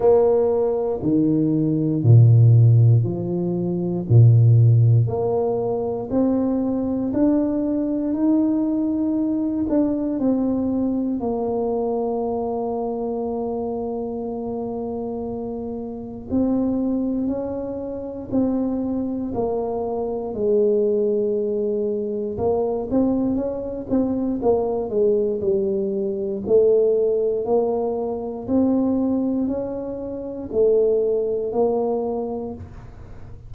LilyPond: \new Staff \with { instrumentName = "tuba" } { \time 4/4 \tempo 4 = 59 ais4 dis4 ais,4 f4 | ais,4 ais4 c'4 d'4 | dis'4. d'8 c'4 ais4~ | ais1 |
c'4 cis'4 c'4 ais4 | gis2 ais8 c'8 cis'8 c'8 | ais8 gis8 g4 a4 ais4 | c'4 cis'4 a4 ais4 | }